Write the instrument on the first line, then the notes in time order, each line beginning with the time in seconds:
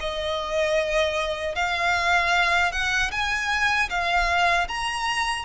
violin
0.00 D#5
1.55 F5
2.72 F#5
3.11 G#5
3.90 F5
4.68 A#5